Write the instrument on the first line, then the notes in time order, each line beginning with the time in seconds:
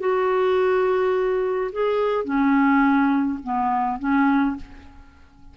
clarinet
0.00 F#4
1.72 G#4
2.25 C#4
3.44 B3
3.99 C#4